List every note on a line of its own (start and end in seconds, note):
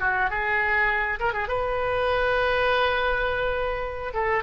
0.00 0.30 F#4
0.30 1.19 G#4
1.19 1.33 A#4
1.33 1.48 G#4
1.48 4.13 B4
4.13 4.43 A4